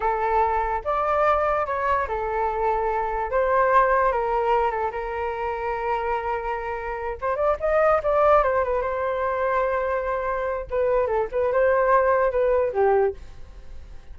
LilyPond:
\new Staff \with { instrumentName = "flute" } { \time 4/4 \tempo 4 = 146 a'2 d''2 | cis''4 a'2. | c''2 ais'4. a'8 | ais'1~ |
ais'4. c''8 d''8 dis''4 d''8~ | d''8 c''8 b'8 c''2~ c''8~ | c''2 b'4 a'8 b'8 | c''2 b'4 g'4 | }